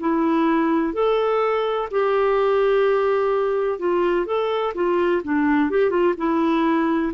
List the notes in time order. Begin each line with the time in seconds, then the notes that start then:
0.00 E4
0.94 A4
1.91 G4
3.79 F4
4.26 A4
4.75 F4
5.24 D4
5.71 G4
5.90 F4
6.18 E4